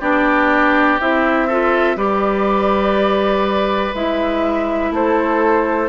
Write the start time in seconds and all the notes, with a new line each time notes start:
0.00 B3 D4 G4 D5
1.00 C4 E4 E5
1.47 F4 A4
1.96 G3 G4 B4 D5
3.94 G#3 E4 E5
4.91 A3 A4 C5